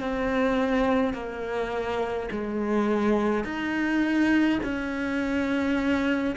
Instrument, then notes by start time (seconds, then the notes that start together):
cello
0.00 C4
1.13 A#3
2.31 G#3
3.44 D#4
4.63 C#4